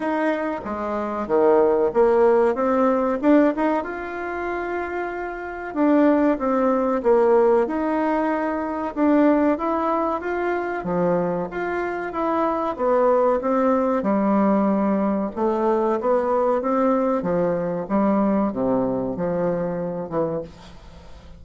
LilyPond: \new Staff \with { instrumentName = "bassoon" } { \time 4/4 \tempo 4 = 94 dis'4 gis4 dis4 ais4 | c'4 d'8 dis'8 f'2~ | f'4 d'4 c'4 ais4 | dis'2 d'4 e'4 |
f'4 f4 f'4 e'4 | b4 c'4 g2 | a4 b4 c'4 f4 | g4 c4 f4. e8 | }